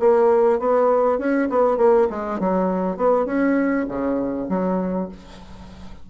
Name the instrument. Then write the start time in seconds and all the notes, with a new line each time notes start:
bassoon
0.00 A#3
0.60 B3
1.19 C#4
1.50 B3
1.78 A#3
2.10 G#3
2.40 F#3
2.97 B3
3.26 C#4
3.89 C#3
4.49 F#3